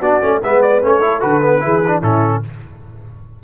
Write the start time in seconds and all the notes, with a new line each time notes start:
0.00 B3 D4 F#4 D5
0.21 A3 C#4
0.43 G#3 B3 B4 E5
0.62 D5
0.82 A3 C#4 C#5
1.02 E4 A4
1.20 D3 F#4 B4
1.42 B3
1.60 E3 E4 G#4
1.87 D4
2.02 A2 C#4 E4 A4